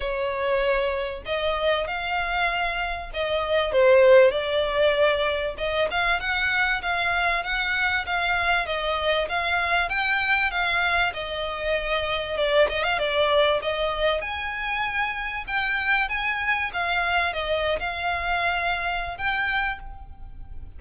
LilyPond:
\new Staff \with { instrumentName = "violin" } { \time 4/4 \tempo 4 = 97 cis''2 dis''4 f''4~ | f''4 dis''4 c''4 d''4~ | d''4 dis''8 f''8 fis''4 f''4 | fis''4 f''4 dis''4 f''4 |
g''4 f''4 dis''2 | d''8 dis''16 f''16 d''4 dis''4 gis''4~ | gis''4 g''4 gis''4 f''4 | dis''8. f''2~ f''16 g''4 | }